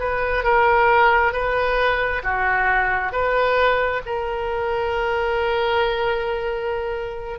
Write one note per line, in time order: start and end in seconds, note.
0.00 0.44 B4
0.44 1.33 A#4
1.33 2.23 B4
2.24 3.12 F#4
3.12 4.02 B4
4.06 7.39 A#4